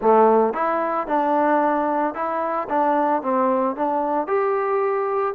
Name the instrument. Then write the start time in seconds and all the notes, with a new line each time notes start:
trombone
0.01 A3
0.53 E4
1.07 D4
2.14 E4
2.69 D4
3.22 C4
3.75 D4
4.27 G4